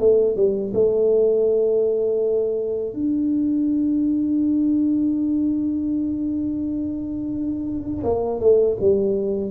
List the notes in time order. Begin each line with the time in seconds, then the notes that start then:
0.00 A3
0.36 G3
0.74 A3
2.93 D4
8.04 A#3
8.40 A3
8.80 G3